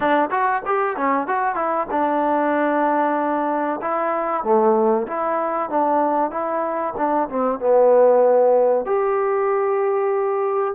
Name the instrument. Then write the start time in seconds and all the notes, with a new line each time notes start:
trombone
0.00 D4
0.30 F#4
0.65 G4
0.96 C#4
1.27 F#4
1.55 E4
1.90 D4
3.81 E4
4.43 A3
5.07 E4
5.69 D4
6.30 E4
6.97 D4
7.29 C4
7.59 B3
8.85 G4